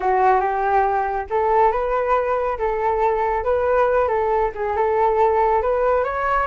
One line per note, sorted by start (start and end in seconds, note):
0.00 0.40 F#4
0.40 1.26 G4
1.29 1.71 A4
1.71 2.58 B4
2.58 3.43 A4
3.43 4.08 B4
4.08 4.51 A4
4.54 4.76 G#4
4.76 5.62 A4
5.62 6.04 B4
6.04 6.46 C#5